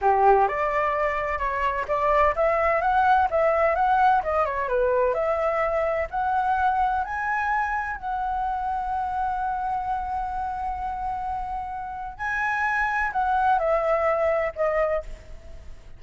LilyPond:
\new Staff \with { instrumentName = "flute" } { \time 4/4 \tempo 4 = 128 g'4 d''2 cis''4 | d''4 e''4 fis''4 e''4 | fis''4 dis''8 cis''8 b'4 e''4~ | e''4 fis''2 gis''4~ |
gis''4 fis''2.~ | fis''1~ | fis''2 gis''2 | fis''4 e''2 dis''4 | }